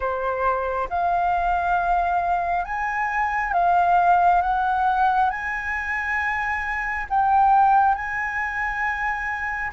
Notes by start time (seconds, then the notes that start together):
0.00 C5
0.89 F5
2.65 G#5
3.53 F5
4.41 F#5
5.29 G#5
7.09 G5
7.95 G#5